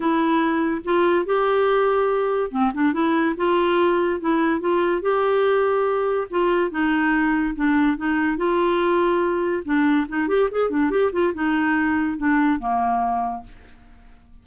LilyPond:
\new Staff \with { instrumentName = "clarinet" } { \time 4/4 \tempo 4 = 143 e'2 f'4 g'4~ | g'2 c'8 d'8 e'4 | f'2 e'4 f'4 | g'2. f'4 |
dis'2 d'4 dis'4 | f'2. d'4 | dis'8 g'8 gis'8 d'8 g'8 f'8 dis'4~ | dis'4 d'4 ais2 | }